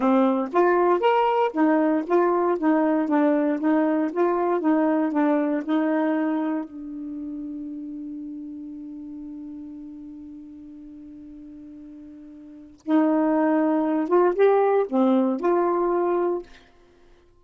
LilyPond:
\new Staff \with { instrumentName = "saxophone" } { \time 4/4 \tempo 4 = 117 c'4 f'4 ais'4 dis'4 | f'4 dis'4 d'4 dis'4 | f'4 dis'4 d'4 dis'4~ | dis'4 d'2.~ |
d'1~ | d'1~ | d'4 dis'2~ dis'8 f'8 | g'4 c'4 f'2 | }